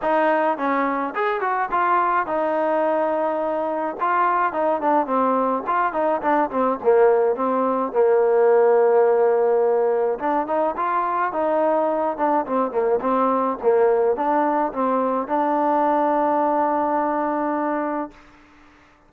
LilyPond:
\new Staff \with { instrumentName = "trombone" } { \time 4/4 \tempo 4 = 106 dis'4 cis'4 gis'8 fis'8 f'4 | dis'2. f'4 | dis'8 d'8 c'4 f'8 dis'8 d'8 c'8 | ais4 c'4 ais2~ |
ais2 d'8 dis'8 f'4 | dis'4. d'8 c'8 ais8 c'4 | ais4 d'4 c'4 d'4~ | d'1 | }